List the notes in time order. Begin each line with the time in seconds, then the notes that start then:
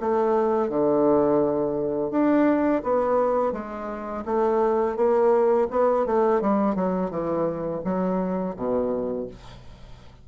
0.00 A3
0.69 D3
2.11 D4
2.83 B3
3.52 G#3
4.25 A3
4.96 A#3
5.70 B3
6.06 A3
6.41 G3
6.75 F#3
7.10 E3
7.84 F#3
8.56 B2